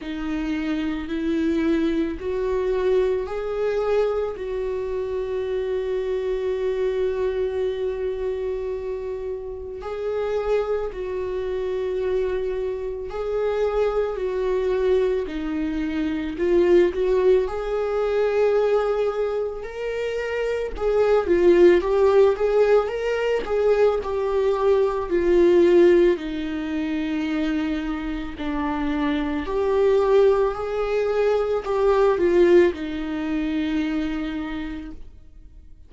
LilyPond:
\new Staff \with { instrumentName = "viola" } { \time 4/4 \tempo 4 = 55 dis'4 e'4 fis'4 gis'4 | fis'1~ | fis'4 gis'4 fis'2 | gis'4 fis'4 dis'4 f'8 fis'8 |
gis'2 ais'4 gis'8 f'8 | g'8 gis'8 ais'8 gis'8 g'4 f'4 | dis'2 d'4 g'4 | gis'4 g'8 f'8 dis'2 | }